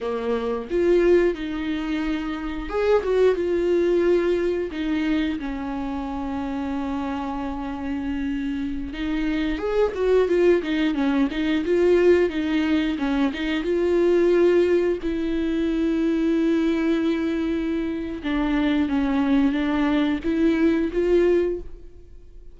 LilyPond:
\new Staff \with { instrumentName = "viola" } { \time 4/4 \tempo 4 = 89 ais4 f'4 dis'2 | gis'8 fis'8 f'2 dis'4 | cis'1~ | cis'4~ cis'16 dis'4 gis'8 fis'8 f'8 dis'16~ |
dis'16 cis'8 dis'8 f'4 dis'4 cis'8 dis'16~ | dis'16 f'2 e'4.~ e'16~ | e'2. d'4 | cis'4 d'4 e'4 f'4 | }